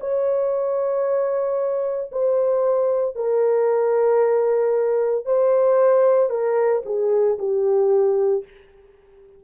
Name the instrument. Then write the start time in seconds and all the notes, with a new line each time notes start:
horn
0.00 C#5
2.12 C5
3.15 A#4
5.25 C5
6.30 A#4
6.85 G#4
7.39 G4